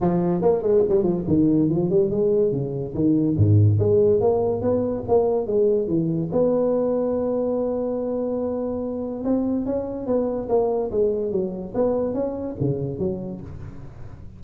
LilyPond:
\new Staff \with { instrumentName = "tuba" } { \time 4/4 \tempo 4 = 143 f4 ais8 gis8 g8 f8 dis4 | f8 g8 gis4 cis4 dis4 | gis,4 gis4 ais4 b4 | ais4 gis4 e4 b4~ |
b1~ | b2 c'4 cis'4 | b4 ais4 gis4 fis4 | b4 cis'4 cis4 fis4 | }